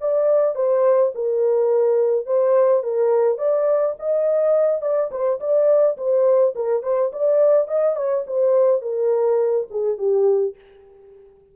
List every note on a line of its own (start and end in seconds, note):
0.00 0.55 D5
0.55 1.12 C5
1.15 2.26 A#4
2.26 2.83 C5
2.83 3.38 A#4
3.38 3.95 D5
3.99 4.82 D#5
4.82 5.10 D5
5.11 5.39 C5
5.40 5.97 D5
5.97 6.54 C5
6.55 6.83 A#4
6.83 7.11 C5
7.12 7.68 D5
7.68 7.96 D#5
7.96 8.24 C#5
8.27 8.82 C5
8.82 9.67 A#4
9.70 9.98 G#4
9.98 10.55 G4